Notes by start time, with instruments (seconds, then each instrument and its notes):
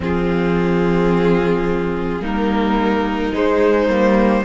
0.00 cello F3, viola C4, violin F4 G#4
2.19 cello G3, viola A#3, violin D#4
2.25 violin A#4
3.33 viola G#3, cello G#3, violin C5
3.87 cello G3, viola A#3